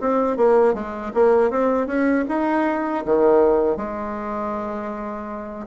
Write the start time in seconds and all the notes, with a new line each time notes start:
0.00 C4
0.36 A#3
0.74 G#3
1.14 A#3
1.50 C4
1.86 C#4
2.28 D#4
3.04 D#3
3.76 G#3